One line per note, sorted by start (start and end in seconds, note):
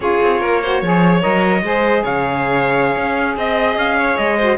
0.00 0.19 C#4
0.00 0.62 F4
0.00 0.40 G#4
0.00 1.22 C#5
0.22 0.41 C4
0.40 0.82 A#3
0.40 0.60 A#4
0.63 0.83 F#4
0.63 0.81 C5
0.81 1.22 F3
0.81 1.21 G#4
0.81 1.62 C#5
1.21 1.62 F#3
1.21 1.61 A#4
1.21 2.03 D#5
1.62 2.03 G#3
1.62 4.39 G#4
1.62 2.03 C5
2.03 2.96 C#3
2.03 3.36 C#5
2.03 3.38 F5
2.96 3.36 C#4
3.36 3.76 C4
3.36 3.96 D#5
3.36 3.78 D#5
3.76 4.16 C#4
3.76 4.17 F5
3.96 4.37 C#5
4.17 4.57 G#3
4.17 4.57 D#5
4.37 4.57 F#4
4.37 4.57 C5